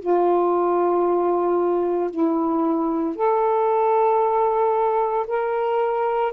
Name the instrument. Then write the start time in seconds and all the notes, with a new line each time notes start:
saxophone
0.00 F4
2.11 E4
3.16 A4
5.27 A#4